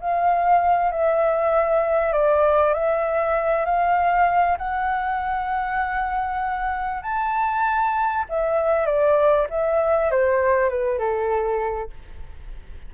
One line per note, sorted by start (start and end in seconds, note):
0.00 0.91 F5
0.91 2.13 E5
2.13 2.74 D5
2.74 3.65 E5
3.65 4.57 F5
4.58 7.02 F#5
7.02 8.25 A5
8.29 8.86 E5
8.86 9.47 D5
9.50 10.11 E5
10.11 10.69 C5
10.69 10.98 B4
10.98 11.90 A4